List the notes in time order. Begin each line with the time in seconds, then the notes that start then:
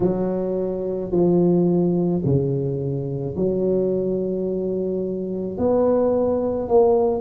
0.00 F#3
1.11 F3
2.25 C#3
3.36 F#3
5.57 B3
6.68 A#3